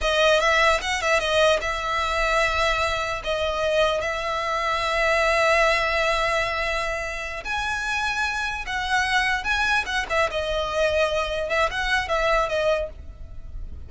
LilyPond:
\new Staff \with { instrumentName = "violin" } { \time 4/4 \tempo 4 = 149 dis''4 e''4 fis''8 e''8 dis''4 | e''1 | dis''2 e''2~ | e''1~ |
e''2~ e''8 gis''4.~ | gis''4. fis''2 gis''8~ | gis''8 fis''8 e''8 dis''2~ dis''8~ | dis''8 e''8 fis''4 e''4 dis''4 | }